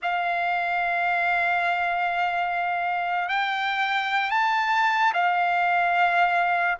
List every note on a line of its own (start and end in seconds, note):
0.02 3.28 F5
3.28 4.30 G5
4.30 5.12 A5
5.13 6.78 F5